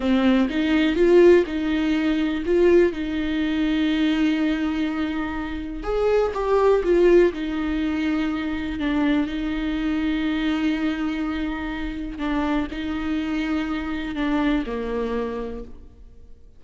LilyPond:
\new Staff \with { instrumentName = "viola" } { \time 4/4 \tempo 4 = 123 c'4 dis'4 f'4 dis'4~ | dis'4 f'4 dis'2~ | dis'1 | gis'4 g'4 f'4 dis'4~ |
dis'2 d'4 dis'4~ | dis'1~ | dis'4 d'4 dis'2~ | dis'4 d'4 ais2 | }